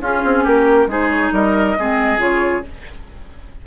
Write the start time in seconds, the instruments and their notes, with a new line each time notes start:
0.00 bassoon C#4, clarinet C#4, oboe F4, flute G#4
0.24 bassoon C4
0.43 bassoon A#3, oboe G4, flute A#4
0.86 bassoon G#3, clarinet D#4, oboe G#4, flute C5
1.09 flute C#5
1.32 bassoon G3, oboe A#4, flute D#5
1.78 bassoon G#3, clarinet C4, oboe G#4
2.18 bassoon C#3, clarinet F4, flute C#5